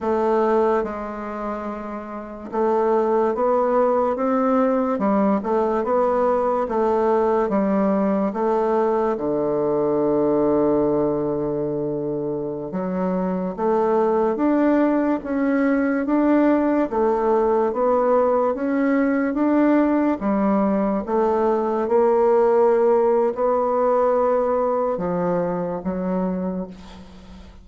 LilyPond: \new Staff \with { instrumentName = "bassoon" } { \time 4/4 \tempo 4 = 72 a4 gis2 a4 | b4 c'4 g8 a8 b4 | a4 g4 a4 d4~ | d2.~ d16 fis8.~ |
fis16 a4 d'4 cis'4 d'8.~ | d'16 a4 b4 cis'4 d'8.~ | d'16 g4 a4 ais4.~ ais16 | b2 f4 fis4 | }